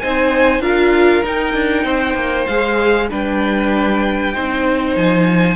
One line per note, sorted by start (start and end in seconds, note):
0.00 0.60 C4
0.00 0.62 D#4
0.00 0.62 C5
0.00 0.62 G#5
0.60 1.22 D4
0.60 1.24 F4
0.60 1.85 A#4
0.60 1.23 F5
1.24 2.48 D#4
1.24 1.54 D#4
1.24 2.46 G5
1.54 1.84 D4
1.84 2.15 C4
1.84 3.08 C5
2.15 2.46 A#3
2.46 3.11 G#3
2.46 3.10 G#4
2.46 3.08 F5
3.10 4.36 G3
3.10 4.34 D4
3.10 4.34 B4
3.10 4.96 G5
4.34 4.96 C4
4.34 5.56 D#4
4.34 5.56 C5
4.96 5.56 F3
4.96 5.56 G#5